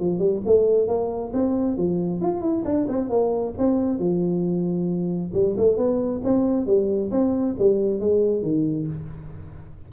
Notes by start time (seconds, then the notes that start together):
0.00 F3
0.19 G3
0.46 A3
0.88 A#3
1.34 C4
1.77 F3
2.22 F4
2.41 E4
2.65 D4
2.89 C4
3.10 A#3
3.58 C4
3.99 F3
5.34 G3
5.58 A3
5.77 B3
6.24 C4
6.67 G3
7.12 C4
7.59 G3
8.00 G#3
8.43 D#3